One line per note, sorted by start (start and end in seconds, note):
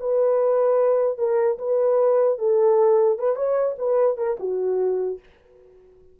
0.00 1.18 B4
1.18 1.58 A#4
1.59 2.39 B4
2.39 3.19 A4
3.19 3.36 B4
3.36 3.76 C#5
3.79 4.17 B4
4.17 4.37 A#4
4.40 5.20 F#4